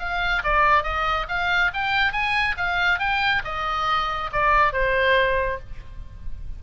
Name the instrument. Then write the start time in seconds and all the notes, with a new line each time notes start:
oboe
0.00 F5
0.44 D5
0.84 D#5
1.29 F5
1.74 G5
2.12 G#5
2.58 F5
3.00 G5
3.45 D#5
4.33 D5
4.73 C5